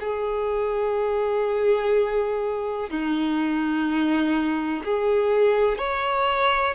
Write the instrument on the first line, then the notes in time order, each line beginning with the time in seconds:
violin
0.00 G#4
2.90 D#4
4.84 G#4
5.78 C#5